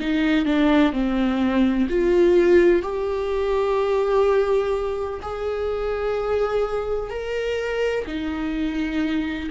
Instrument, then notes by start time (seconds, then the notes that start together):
viola
0.00 D#4
0.45 D4
0.92 C4
1.89 F4
2.82 G4
5.22 G#4
7.10 A#4
8.06 D#4